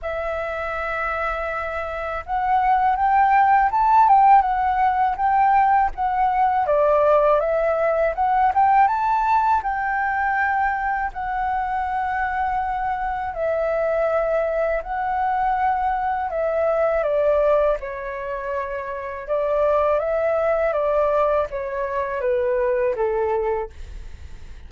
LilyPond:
\new Staff \with { instrumentName = "flute" } { \time 4/4 \tempo 4 = 81 e''2. fis''4 | g''4 a''8 g''8 fis''4 g''4 | fis''4 d''4 e''4 fis''8 g''8 | a''4 g''2 fis''4~ |
fis''2 e''2 | fis''2 e''4 d''4 | cis''2 d''4 e''4 | d''4 cis''4 b'4 a'4 | }